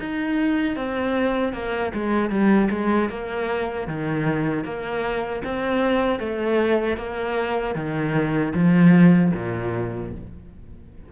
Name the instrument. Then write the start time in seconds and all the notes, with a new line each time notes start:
cello
0.00 D#4
0.77 C4
1.53 A#3
1.94 G#3
2.30 G3
2.71 G#3
3.10 A#3
3.88 D#3
4.64 A#3
5.44 C4
6.19 A3
6.97 A#3
7.75 D#3
8.54 F3
9.34 A#2